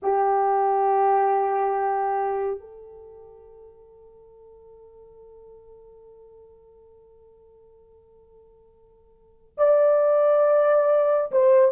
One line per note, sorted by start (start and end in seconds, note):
0.02 2.60 G4
2.60 9.55 A4
9.57 11.31 D5
11.31 11.72 C5